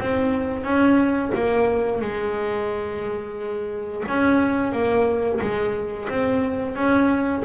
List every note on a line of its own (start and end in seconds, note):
0.00 0.64 C4
0.64 1.31 C#4
1.35 2.01 A#3
2.01 4.04 G#3
4.08 4.72 C#4
4.72 5.40 A#3
5.41 6.09 G#3
6.09 6.75 C4
6.75 7.43 C#4